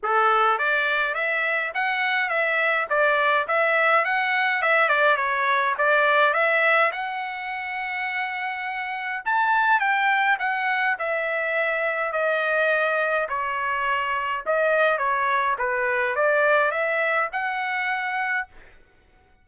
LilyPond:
\new Staff \with { instrumentName = "trumpet" } { \time 4/4 \tempo 4 = 104 a'4 d''4 e''4 fis''4 | e''4 d''4 e''4 fis''4 | e''8 d''8 cis''4 d''4 e''4 | fis''1 |
a''4 g''4 fis''4 e''4~ | e''4 dis''2 cis''4~ | cis''4 dis''4 cis''4 b'4 | d''4 e''4 fis''2 | }